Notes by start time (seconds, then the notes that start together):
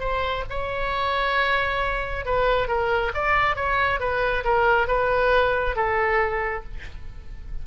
0.00 C5
0.50 C#5
2.26 B4
2.68 A#4
3.15 D5
3.56 C#5
4.00 B4
4.44 A#4
4.88 B4
5.76 A4